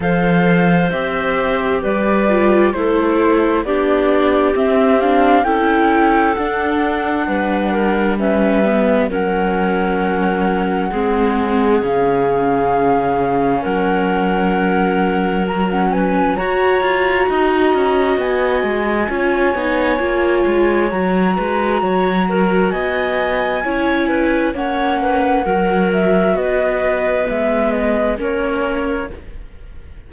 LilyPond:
<<
  \new Staff \with { instrumentName = "flute" } { \time 4/4 \tempo 4 = 66 f''4 e''4 d''4 c''4 | d''4 e''8 f''8 g''4 fis''4~ | fis''4 e''4 fis''2~ | fis''4 f''2 fis''4~ |
fis''4 ais''16 fis''16 gis''8 ais''2 | gis''2. ais''4~ | ais''4 gis''2 fis''4~ | fis''8 e''8 dis''4 e''8 dis''8 cis''4 | }
  \new Staff \with { instrumentName = "clarinet" } { \time 4/4 c''2 b'4 a'4 | g'2 a'2 | b'8 ais'8 b'4 ais'2 | gis'2. ais'4~ |
ais'4. b'8 cis''4 dis''4~ | dis''4 cis''2~ cis''8 b'8 | cis''8 ais'8 dis''4 cis''8 b'8 cis''8 b'8 | ais'4 b'2 ais'4 | }
  \new Staff \with { instrumentName = "viola" } { \time 4/4 a'4 g'4. f'8 e'4 | d'4 c'8 d'8 e'4 d'4~ | d'4 cis'8 b8 cis'2 | c'4 cis'2.~ |
cis'4 fis'16 cis'8. fis'2~ | fis'4 f'8 dis'8 f'4 fis'4~ | fis'2 e'4 cis'4 | fis'2 b4 cis'4 | }
  \new Staff \with { instrumentName = "cello" } { \time 4/4 f4 c'4 g4 a4 | b4 c'4 cis'4 d'4 | g2 fis2 | gis4 cis2 fis4~ |
fis2 fis'8 f'8 dis'8 cis'8 | b8 gis8 cis'8 b8 ais8 gis8 fis8 gis8 | fis4 b4 cis'4 ais4 | fis4 b4 gis4 ais4 | }
>>